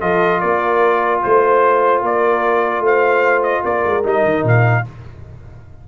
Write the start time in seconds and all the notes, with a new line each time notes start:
0.00 F3 F4 A4 D#5
0.40 A#3 A#4 D5
1.23 A3 C5
2.02 A#3 A#4 D5
2.80 A3 C5
2.86 F5
3.43 D#5
3.62 A#3 A#4 D5
3.85 G#3
4.03 G3 D#4 D#5
4.24 D#3
4.43 A#2 F5